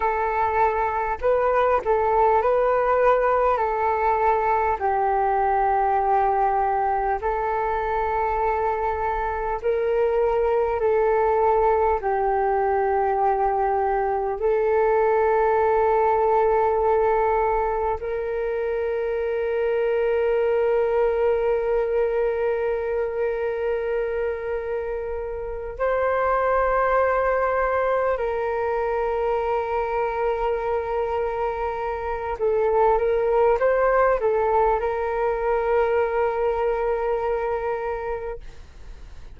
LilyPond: \new Staff \with { instrumentName = "flute" } { \time 4/4 \tempo 4 = 50 a'4 b'8 a'8 b'4 a'4 | g'2 a'2 | ais'4 a'4 g'2 | a'2. ais'4~ |
ais'1~ | ais'4. c''2 ais'8~ | ais'2. a'8 ais'8 | c''8 a'8 ais'2. | }